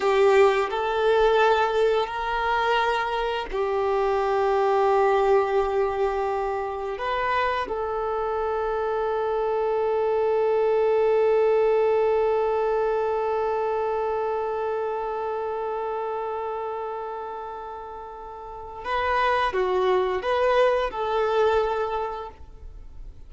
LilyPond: \new Staff \with { instrumentName = "violin" } { \time 4/4 \tempo 4 = 86 g'4 a'2 ais'4~ | ais'4 g'2.~ | g'2 b'4 a'4~ | a'1~ |
a'1~ | a'1~ | a'2. b'4 | fis'4 b'4 a'2 | }